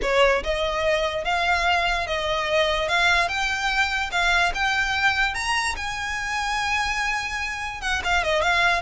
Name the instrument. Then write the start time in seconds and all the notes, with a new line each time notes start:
violin
0.01 C#5
0.43 D#5
1.24 F5
2.06 D#5
2.88 F5
3.28 G5
4.11 F5
4.54 G5
5.34 A#5
5.76 G#5
7.81 F#5
8.04 F5
8.23 D#5
8.42 F5